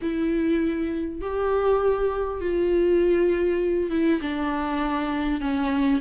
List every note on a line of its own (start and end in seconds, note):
0.01 1.21 E4
1.21 2.40 G4
2.40 3.90 F4
3.90 4.20 E4
4.21 5.41 D4
5.41 6.01 C#4